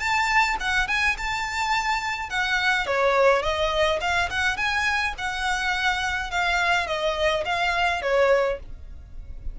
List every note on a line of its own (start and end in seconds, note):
0.00 0.57 A5
0.61 0.88 F#5
0.88 1.17 G#5
1.18 2.30 A5
2.30 2.87 F#5
2.87 3.43 C#5
3.43 4.00 D#5
4.01 4.30 F5
4.31 4.57 F#5
4.57 5.15 G#5
5.18 6.31 F#5
6.31 6.87 F5
6.87 7.44 D#5
7.46 8.02 F5
8.02 8.59 C#5